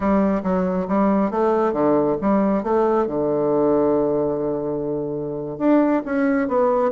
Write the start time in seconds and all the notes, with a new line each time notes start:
0.00 G3
0.43 F#3
0.88 G3
1.30 A3
1.72 D3
2.21 G3
2.63 A3
3.07 D3
5.58 D4
6.05 C#4
6.48 B3